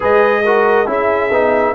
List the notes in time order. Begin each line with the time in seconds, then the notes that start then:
0.00 G#3 G#4 B4 D#5
0.44 F#4 A#4
0.86 C#4 E4 G#4 E5
1.30 B3 D#4